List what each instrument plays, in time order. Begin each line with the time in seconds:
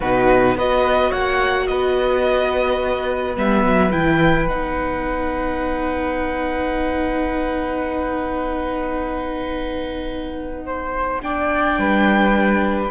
0.00 cello B2, viola D#4, flute F#4, violin B4
0.55 cello B3, viola F#4, flute B4, violin D#5
1.09 cello A#3, flute C#5, violin F#5
1.66 cello B3, flute B4, violin D#5
3.35 cello G3, viola B3, violin E5
3.63 cello F#3
3.91 cello E3, viola E4, violin G5
4.47 cello B3, viola D#4, violin F#5
10.65 flute C5
11.21 viola D4, flute D5, violin G5
11.78 cello G3, flute B4